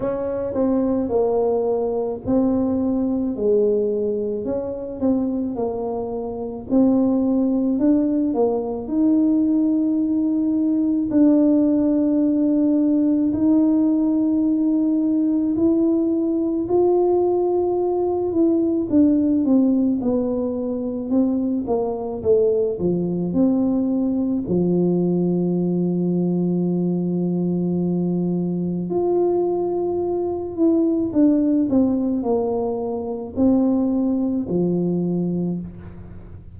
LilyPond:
\new Staff \with { instrumentName = "tuba" } { \time 4/4 \tempo 4 = 54 cis'8 c'8 ais4 c'4 gis4 | cis'8 c'8 ais4 c'4 d'8 ais8 | dis'2 d'2 | dis'2 e'4 f'4~ |
f'8 e'8 d'8 c'8 b4 c'8 ais8 | a8 f8 c'4 f2~ | f2 f'4. e'8 | d'8 c'8 ais4 c'4 f4 | }